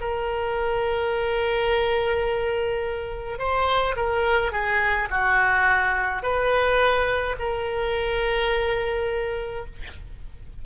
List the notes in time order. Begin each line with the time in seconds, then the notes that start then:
0.00 A#4
3.39 C5
3.96 A#4
4.52 G#4
5.10 F#4
6.23 B4
7.39 A#4